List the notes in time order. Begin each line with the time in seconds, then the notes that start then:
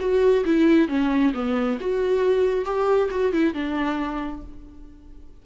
0.00 F#4
0.45 E4
0.88 C#4
1.34 B3
1.80 F#4
2.65 G4
3.11 F#4
3.33 E4
3.54 D4